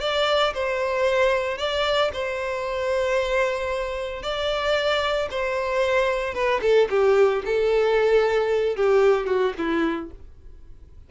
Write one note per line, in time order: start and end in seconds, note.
0.00 0.53 D5
0.54 1.58 C5
1.58 2.11 D5
2.13 4.22 C5
4.22 5.29 D5
5.30 6.34 C5
6.34 6.61 B4
6.62 6.88 A4
6.90 7.43 G4
7.45 8.76 A4
8.76 9.27 G4
9.27 9.53 F#4
9.57 10.11 E4